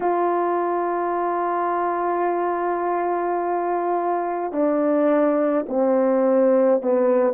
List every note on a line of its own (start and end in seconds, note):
0.00 4.52 F4
4.52 5.65 D4
5.68 6.81 C4
6.81 7.33 B3